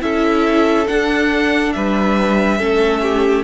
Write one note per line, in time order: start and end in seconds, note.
0.00 0.88 C#4
0.00 0.86 E4
0.00 1.75 A4
0.00 0.87 E5
0.87 2.59 D4
0.87 1.75 D4
0.87 1.73 F#5
1.73 2.60 G3
1.73 2.59 B4
1.73 3.44 E5
2.59 3.44 A3
2.59 3.44 C#4
2.59 3.01 A4
3.02 3.44 G4